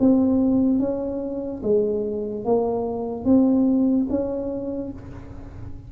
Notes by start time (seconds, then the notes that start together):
0.00 C4
0.80 C#4
1.63 G#3
2.45 A#3
3.25 C4
4.10 C#4